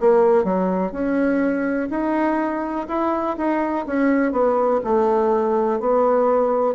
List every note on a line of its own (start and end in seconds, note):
0.00 0.44 A#3
0.44 0.92 F#3
0.92 1.89 C#4
1.90 2.87 D#4
2.88 3.37 E4
3.37 3.85 D#4
3.86 4.32 C#4
4.32 4.80 B3
4.84 5.80 A3
5.80 6.74 B3